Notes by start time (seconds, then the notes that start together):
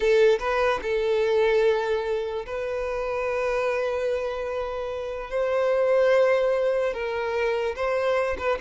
0.00 A4
0.39 B4
0.82 A4
2.46 B4
5.30 C5
6.93 A#4
7.75 C5
8.37 B4